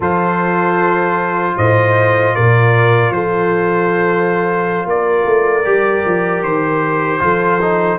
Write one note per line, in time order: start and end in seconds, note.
0.00 1.54 F3
0.00 5.64 F4
0.00 1.55 A4
0.00 1.57 C5
1.57 2.35 A2
1.57 2.35 C5
1.57 2.35 D#5
2.35 3.10 A#2
2.35 3.13 A#4
2.35 3.12 D5
3.10 4.85 F3
3.10 4.89 A4
3.10 4.87 C5
4.85 5.24 A#3
4.85 6.43 D5
4.91 7.22 A#4
5.25 5.64 A3
5.64 6.04 G3
5.64 7.20 G4
6.05 6.42 F3
6.42 7.20 D#3
6.42 7.99 C5
7.20 7.98 F3
7.20 7.59 F4
7.20 7.99 A4
7.61 7.99 D#4